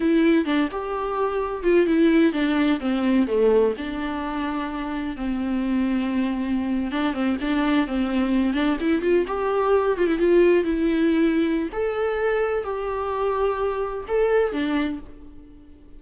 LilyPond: \new Staff \with { instrumentName = "viola" } { \time 4/4 \tempo 4 = 128 e'4 d'8 g'2 f'8 | e'4 d'4 c'4 a4 | d'2. c'4~ | c'2~ c'8. d'8 c'8 d'16~ |
d'8. c'4. d'8 e'8 f'8 g'16~ | g'4~ g'16 f'16 e'16 f'4 e'4~ e'16~ | e'4 a'2 g'4~ | g'2 a'4 d'4 | }